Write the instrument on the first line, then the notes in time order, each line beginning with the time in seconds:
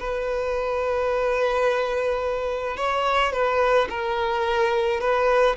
violin
0.00 B4
2.77 C#5
3.33 B4
3.90 A#4
5.01 B4